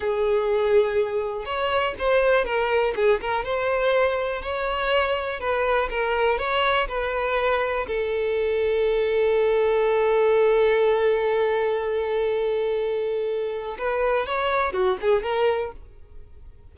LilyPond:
\new Staff \with { instrumentName = "violin" } { \time 4/4 \tempo 4 = 122 gis'2. cis''4 | c''4 ais'4 gis'8 ais'8 c''4~ | c''4 cis''2 b'4 | ais'4 cis''4 b'2 |
a'1~ | a'1~ | a'1 | b'4 cis''4 fis'8 gis'8 ais'4 | }